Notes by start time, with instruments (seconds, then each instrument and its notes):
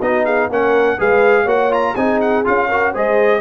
0.00 tuba B3, trombone D#4, horn F#4, trumpet D#5
0.24 horn G#4, trumpet F5
0.49 tuba A#3, trombone C#4, horn A#4, trumpet F#5
0.98 tuba G#3, trombone G#4, horn B4, trumpet F5
1.43 tuba A#3, trombone F#4, horn C#5, trumpet F#5
1.71 trombone F4, trumpet A#5
1.96 tuba C4, trombone D#4, horn G#4, trumpet G#5
2.21 trumpet F#5
2.45 tuba C#4, trombone F4, trumpet F5
2.68 trombone F#4, horn A#4
2.91 tuba G#3, trombone G#4, horn C5, trumpet D#5